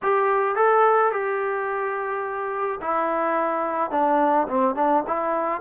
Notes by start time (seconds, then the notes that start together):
0.02 G4
0.55 A4
1.12 G4
2.81 E4
3.90 D4
4.48 C4
4.75 D4
5.07 E4